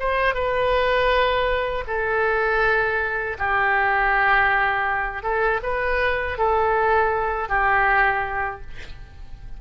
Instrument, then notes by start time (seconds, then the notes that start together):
oboe
0.00 C5
0.35 B4
1.88 A4
3.39 G4
5.23 A4
5.63 B4
6.38 A4
7.49 G4